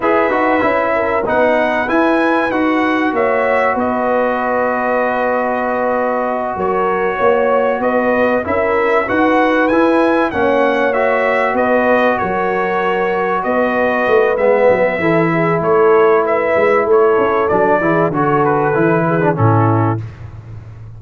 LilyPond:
<<
  \new Staff \with { instrumentName = "trumpet" } { \time 4/4 \tempo 4 = 96 e''2 fis''4 gis''4 | fis''4 e''4 dis''2~ | dis''2~ dis''8 cis''4.~ | cis''8 dis''4 e''4 fis''4 gis''8~ |
gis''8 fis''4 e''4 dis''4 cis''8~ | cis''4. dis''4. e''4~ | e''4 cis''4 e''4 cis''4 | d''4 cis''8 b'4. a'4 | }
  \new Staff \with { instrumentName = "horn" } { \time 4/4 b'4. ais'8 b'2~ | b'4 cis''4 b'2~ | b'2~ b'8 ais'4 cis''8~ | cis''8 b'4 ais'4 b'4.~ |
b'8 cis''2 b'4 ais'8~ | ais'4. b'2~ b'8 | a'8 gis'8 a'4 b'4 a'4~ | a'8 gis'8 a'4. gis'8 e'4 | }
  \new Staff \with { instrumentName = "trombone" } { \time 4/4 gis'8 fis'8 e'4 dis'4 e'4 | fis'1~ | fis'1~ | fis'4. e'4 fis'4 e'8~ |
e'8 cis'4 fis'2~ fis'8~ | fis'2. b4 | e'1 | d'8 e'8 fis'4 e'8. d'16 cis'4 | }
  \new Staff \with { instrumentName = "tuba" } { \time 4/4 e'8 dis'8 cis'4 b4 e'4 | dis'4 ais4 b2~ | b2~ b8 fis4 ais8~ | ais8 b4 cis'4 dis'4 e'8~ |
e'8 ais2 b4 fis8~ | fis4. b4 a8 gis8 fis8 | e4 a4. gis8 a8 cis'8 | fis8 e8 d4 e4 a,4 | }
>>